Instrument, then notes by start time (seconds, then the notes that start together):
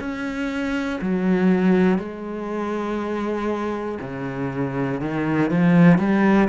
cello
0.00 C#4
1.01 F#3
1.99 G#3
4.01 C#3
5.00 D#3
5.50 F3
5.99 G3